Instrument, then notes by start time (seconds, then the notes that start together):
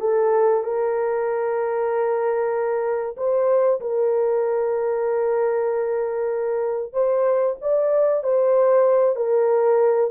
horn
0.00 A4
0.63 A#4
3.17 C5
3.80 A#4
6.93 C5
7.61 D5
8.23 C5
9.16 A#4